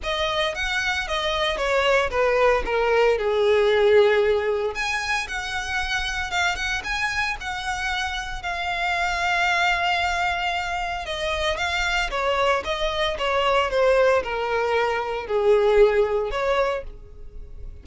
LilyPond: \new Staff \with { instrumentName = "violin" } { \time 4/4 \tempo 4 = 114 dis''4 fis''4 dis''4 cis''4 | b'4 ais'4 gis'2~ | gis'4 gis''4 fis''2 | f''8 fis''8 gis''4 fis''2 |
f''1~ | f''4 dis''4 f''4 cis''4 | dis''4 cis''4 c''4 ais'4~ | ais'4 gis'2 cis''4 | }